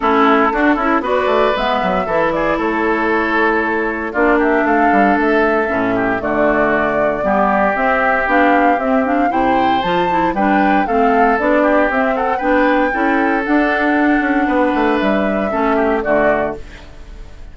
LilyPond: <<
  \new Staff \with { instrumentName = "flute" } { \time 4/4 \tempo 4 = 116 a'2 d''4 e''4~ | e''8 d''8 cis''2. | d''8 e''8 f''4 e''2 | d''2. e''4 |
f''4 e''8 f''8 g''4 a''4 | g''4 f''4 d''4 e''8 fis''8 | g''2 fis''2~ | fis''4 e''2 d''4 | }
  \new Staff \with { instrumentName = "oboe" } { \time 4/4 e'4 fis'8 e'8 b'2 | a'8 gis'8 a'2. | f'8 g'8 a'2~ a'8 g'8 | fis'2 g'2~ |
g'2 c''2 | b'4 a'4. g'4 a'8 | b'4 a'2. | b'2 a'8 g'8 fis'4 | }
  \new Staff \with { instrumentName = "clarinet" } { \time 4/4 cis'4 d'8 e'8 fis'4 b4 | e'1 | d'2. cis'4 | a2 b4 c'4 |
d'4 c'8 d'8 e'4 f'8 e'8 | d'4 c'4 d'4 c'4 | d'4 e'4 d'2~ | d'2 cis'4 a4 | }
  \new Staff \with { instrumentName = "bassoon" } { \time 4/4 a4 d'8 cis'8 b8 a8 gis8 fis8 | e4 a2. | ais4 a8 g8 a4 a,4 | d2 g4 c'4 |
b4 c'4 c4 f4 | g4 a4 b4 c'4 | b4 cis'4 d'4. cis'8 | b8 a8 g4 a4 d4 | }
>>